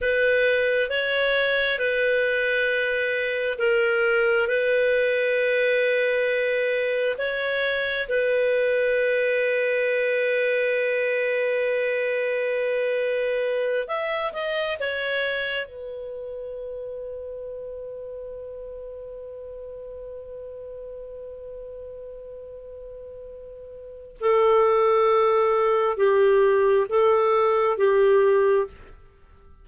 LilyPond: \new Staff \with { instrumentName = "clarinet" } { \time 4/4 \tempo 4 = 67 b'4 cis''4 b'2 | ais'4 b'2. | cis''4 b'2.~ | b'2.~ b'8 e''8 |
dis''8 cis''4 b'2~ b'8~ | b'1~ | b'2. a'4~ | a'4 g'4 a'4 g'4 | }